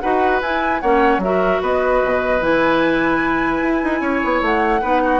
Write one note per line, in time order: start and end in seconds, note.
0.00 0.41 D#4
0.00 0.42 F#4
0.00 0.81 B4
0.00 0.40 F#5
0.41 0.81 E4
0.41 0.82 E4
0.41 0.80 G#5
0.80 1.18 A#3
0.80 1.22 C#4
0.80 1.21 C#5
0.80 1.20 F#5
1.18 1.58 F#3
1.18 1.62 E5
1.24 2.40 F#4
1.24 1.62 A#4
1.62 2.02 B3
1.62 4.00 B4
1.62 2.42 D#5
2.04 2.41 B2
2.40 3.61 E3
2.40 4.80 E4
2.40 4.42 G#5
3.62 3.82 E4
3.83 4.01 D#4
4.00 4.21 C#4
4.00 4.80 C#5
4.24 4.41 B3
4.41 4.81 A3
4.41 5.20 F#5
4.81 5.20 B3
4.81 5.20 D#4
4.81 5.01 B4
5.04 5.20 F#4